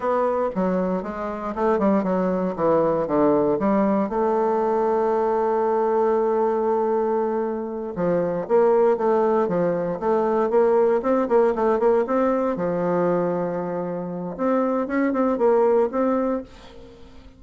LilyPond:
\new Staff \with { instrumentName = "bassoon" } { \time 4/4 \tempo 4 = 117 b4 fis4 gis4 a8 g8 | fis4 e4 d4 g4 | a1~ | a2.~ a8 f8~ |
f8 ais4 a4 f4 a8~ | a8 ais4 c'8 ais8 a8 ais8 c'8~ | c'8 f2.~ f8 | c'4 cis'8 c'8 ais4 c'4 | }